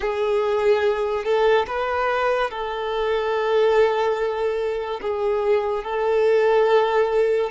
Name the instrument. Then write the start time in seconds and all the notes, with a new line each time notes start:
violin
0.00 G#4
1.24 A4
1.67 B4
2.50 A4
5.01 G#4
5.84 A4